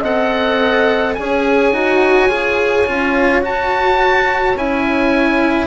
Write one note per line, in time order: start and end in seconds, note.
0.00 1.16 C4
0.00 1.17 A4
0.00 1.13 D#5
0.00 1.15 F#5
1.15 1.72 C#4
1.15 1.73 G#4
1.15 5.67 C#5
1.15 3.41 G#5
1.72 2.29 D#4
1.72 2.29 F#4
2.29 2.85 F4
2.29 2.86 G#4
2.86 3.42 C#4
2.86 3.41 F4
3.41 4.54 F#4
3.41 4.55 F#4
3.41 4.58 A5
4.55 5.67 C#4
4.55 5.67 E4
4.55 5.67 G#5